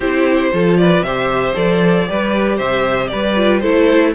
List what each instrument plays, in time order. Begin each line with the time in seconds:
0.00 cello C4, viola E4, violin G4 C5
0.53 cello F3, viola F4, violin A4
0.77 violin B4 D5
1.01 cello C3, viola G4, violin C5 E5
1.54 cello F3, viola A4, violin D5
2.06 cello G3, viola G4, violin B4
2.56 cello C3, violin C5 E5
3.07 cello G3, violin B4 D5
3.36 viola F4
3.59 cello A3, viola E4, violin A4 C5